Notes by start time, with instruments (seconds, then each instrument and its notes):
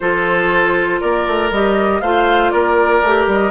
0.00 bassoon F3, clarinet F4, oboe A4, flute C5
1.00 bassoon A#3, oboe A#4, flute D5
1.27 bassoon A3
1.50 bassoon G3, clarinet G4, flute D#5
2.01 bassoon A3, clarinet F4, oboe C5, flute F5
2.50 bassoon A#3, oboe A#4, flute D5
3.01 bassoon A3, clarinet G4
3.26 bassoon G3, flute D#5